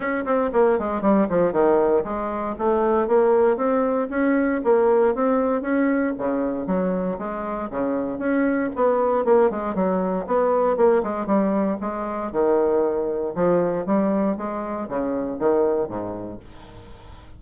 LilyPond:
\new Staff \with { instrumentName = "bassoon" } { \time 4/4 \tempo 4 = 117 cis'8 c'8 ais8 gis8 g8 f8 dis4 | gis4 a4 ais4 c'4 | cis'4 ais4 c'4 cis'4 | cis4 fis4 gis4 cis4 |
cis'4 b4 ais8 gis8 fis4 | b4 ais8 gis8 g4 gis4 | dis2 f4 g4 | gis4 cis4 dis4 gis,4 | }